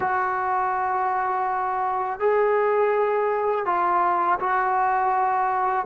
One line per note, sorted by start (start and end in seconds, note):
0.00 2.19 F#4
2.19 3.66 G#4
3.66 4.39 F4
4.39 5.86 F#4